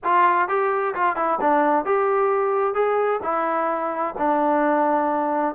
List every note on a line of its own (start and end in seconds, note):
0.04 0.48 F4
0.48 0.94 G4
0.94 1.16 F4
1.16 1.39 E4
1.40 1.85 D4
1.85 2.74 G4
2.74 3.20 G#4
3.22 4.15 E4
4.18 5.55 D4